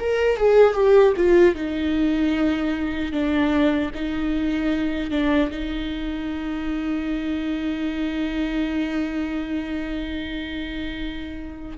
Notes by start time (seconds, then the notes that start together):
0.00 A#4
0.37 G#4
0.74 G4
1.17 F4
1.55 D#4
3.13 D4
3.95 D#4
5.11 D4
5.51 D#4